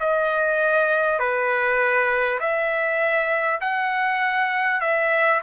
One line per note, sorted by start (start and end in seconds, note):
0.00 1.19 D#5
1.19 2.39 B4
2.41 3.61 E5
3.61 4.81 F#5
4.81 5.41 E5